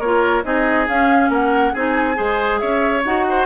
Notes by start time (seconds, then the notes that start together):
0.00 A#3 F4 A#4 C#5
0.44 C4 D#4 G#4 D#5
0.88 C#4 F5
1.29 A#3 A#4 F#5
1.73 C4 D#4 G#4 G#5
2.15 G#3 G#4 C5
2.59 C#4 C#5 E5
3.05 D#4 F#4 F#5
3.29 C5